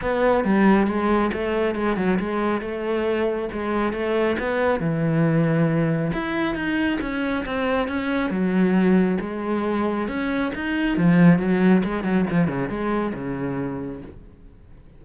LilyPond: \new Staff \with { instrumentName = "cello" } { \time 4/4 \tempo 4 = 137 b4 g4 gis4 a4 | gis8 fis8 gis4 a2 | gis4 a4 b4 e4~ | e2 e'4 dis'4 |
cis'4 c'4 cis'4 fis4~ | fis4 gis2 cis'4 | dis'4 f4 fis4 gis8 fis8 | f8 cis8 gis4 cis2 | }